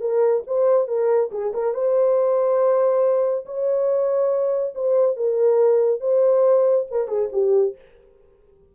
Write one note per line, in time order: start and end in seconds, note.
0.00 0.43 A#4
0.47 0.87 C5
0.87 1.30 A#4
1.31 1.53 G#4
1.53 1.74 A#4
1.74 3.45 C5
3.45 4.74 C#5
4.75 5.16 C5
5.16 6.00 A#4
6.00 6.86 C5
6.91 7.08 A#4
7.08 7.29 G#4
7.32 7.75 G4